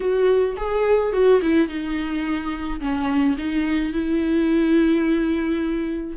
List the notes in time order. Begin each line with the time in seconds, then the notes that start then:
0.00 F#4
0.57 G#4
1.12 F#4
1.41 E4
1.67 D#4
2.80 C#4
3.37 D#4
3.93 E4